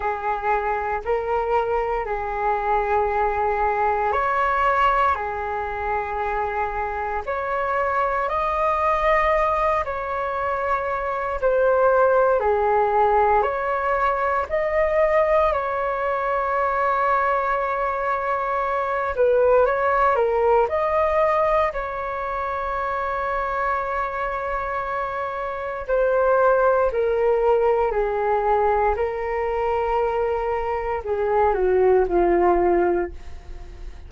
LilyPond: \new Staff \with { instrumentName = "flute" } { \time 4/4 \tempo 4 = 58 gis'4 ais'4 gis'2 | cis''4 gis'2 cis''4 | dis''4. cis''4. c''4 | gis'4 cis''4 dis''4 cis''4~ |
cis''2~ cis''8 b'8 cis''8 ais'8 | dis''4 cis''2.~ | cis''4 c''4 ais'4 gis'4 | ais'2 gis'8 fis'8 f'4 | }